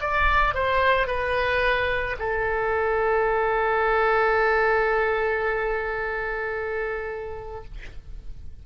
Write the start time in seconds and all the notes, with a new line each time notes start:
0.00 D5
0.54 C5
1.07 B4
2.19 A4